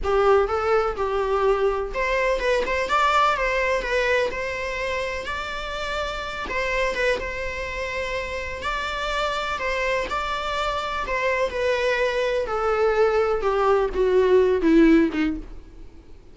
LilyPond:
\new Staff \with { instrumentName = "viola" } { \time 4/4 \tempo 4 = 125 g'4 a'4 g'2 | c''4 b'8 c''8 d''4 c''4 | b'4 c''2 d''4~ | d''4. c''4 b'8 c''4~ |
c''2 d''2 | c''4 d''2 c''4 | b'2 a'2 | g'4 fis'4. e'4 dis'8 | }